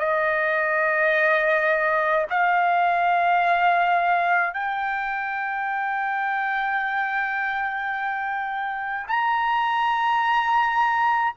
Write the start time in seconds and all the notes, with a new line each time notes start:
0.00 D#5
2.31 F5
4.54 G5
9.08 A#5